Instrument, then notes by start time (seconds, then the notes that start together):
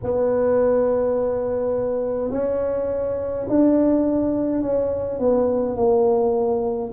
tuba
0.03 B3
2.31 C#4
3.48 D4
4.62 C#4
5.19 B3
5.76 A#3